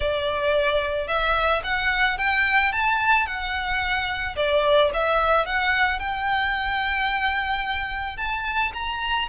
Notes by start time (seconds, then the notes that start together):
0.00 D5
1.07 E5
1.63 F#5
2.18 G5
2.72 A5
3.26 F#5
4.36 D5
4.93 E5
5.46 F#5
5.99 G5
8.17 A5
8.73 A#5